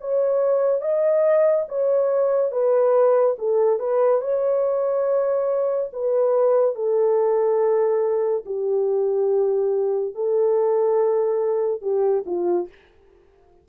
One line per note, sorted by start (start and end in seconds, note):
0.00 0.81 C#5
0.81 1.66 D#5
1.68 2.51 C#5
2.51 3.36 B4
3.38 3.79 A4
3.79 4.21 B4
4.21 5.90 C#5
5.93 6.75 B4
6.75 8.44 A4
8.45 10.14 G4
10.14 11.82 A4
11.82 12.24 G4
12.26 12.68 F4